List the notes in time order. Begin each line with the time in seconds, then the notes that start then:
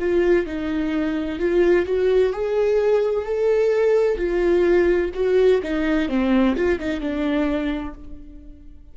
0.00 F4
0.46 D#4
1.40 F4
1.86 F#4
2.33 G#4
3.26 A4
4.18 F4
5.14 F#4
5.63 D#4
6.09 C4
6.56 F4
6.80 D#4
7.01 D4